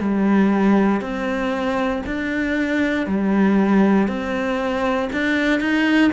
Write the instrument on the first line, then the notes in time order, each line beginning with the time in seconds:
cello
0.00 G3
1.01 C4
2.06 D4
3.06 G3
4.08 C4
5.12 D4
5.60 D#4